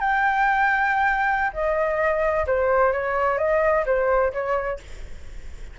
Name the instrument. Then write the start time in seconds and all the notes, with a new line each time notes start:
flute
0.00 G5
1.53 D#5
2.47 C5
2.92 C#5
3.38 D#5
3.86 C5
4.33 C#5